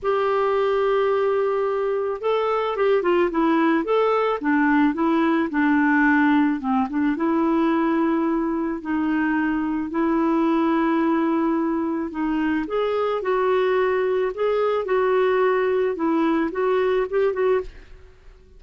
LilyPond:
\new Staff \with { instrumentName = "clarinet" } { \time 4/4 \tempo 4 = 109 g'1 | a'4 g'8 f'8 e'4 a'4 | d'4 e'4 d'2 | c'8 d'8 e'2. |
dis'2 e'2~ | e'2 dis'4 gis'4 | fis'2 gis'4 fis'4~ | fis'4 e'4 fis'4 g'8 fis'8 | }